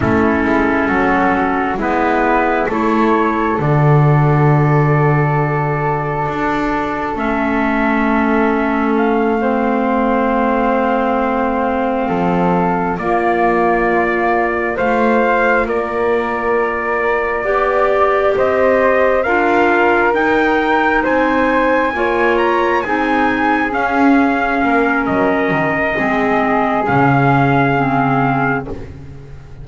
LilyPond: <<
  \new Staff \with { instrumentName = "trumpet" } { \time 4/4 \tempo 4 = 67 a'2 b'4 cis''4 | d''1 | e''2 f''2~ | f''2~ f''8 d''4.~ |
d''8 f''4 d''2~ d''8~ | d''8 dis''4 f''4 g''4 gis''8~ | gis''4 ais''8 gis''4 f''4. | dis''2 f''2 | }
  \new Staff \with { instrumentName = "flute" } { \time 4/4 e'4 fis'4 e'4 a'4~ | a'1~ | a'2~ a'8 c''4.~ | c''4. a'4 f'4.~ |
f'8 c''4 ais'2 d''8~ | d''8 c''4 ais'2 c''8~ | c''8 cis''4 gis'2 ais'8~ | ais'4 gis'2. | }
  \new Staff \with { instrumentName = "clarinet" } { \time 4/4 cis'2 b4 e'4 | fis'1 | cis'2~ cis'8 c'4.~ | c'2~ c'8 ais4.~ |
ais8 f'2. g'8~ | g'4. f'4 dis'4.~ | dis'8 f'4 dis'4 cis'4.~ | cis'4 c'4 cis'4 c'4 | }
  \new Staff \with { instrumentName = "double bass" } { \time 4/4 a8 gis8 fis4 gis4 a4 | d2. d'4 | a1~ | a4. f4 ais4.~ |
ais8 a4 ais2 b8~ | b8 c'4 d'4 dis'4 c'8~ | c'8 ais4 c'4 cis'4 ais8 | fis8 dis8 gis4 cis2 | }
>>